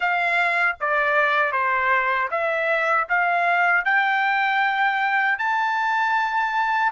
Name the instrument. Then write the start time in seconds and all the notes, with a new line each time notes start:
trumpet
0.00 F5
0.80 D5
1.52 C5
2.30 E5
3.08 F5
3.84 G5
5.38 A5